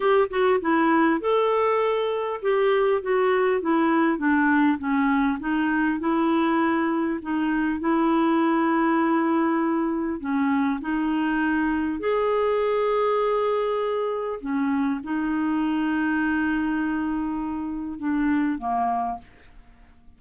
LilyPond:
\new Staff \with { instrumentName = "clarinet" } { \time 4/4 \tempo 4 = 100 g'8 fis'8 e'4 a'2 | g'4 fis'4 e'4 d'4 | cis'4 dis'4 e'2 | dis'4 e'2.~ |
e'4 cis'4 dis'2 | gis'1 | cis'4 dis'2.~ | dis'2 d'4 ais4 | }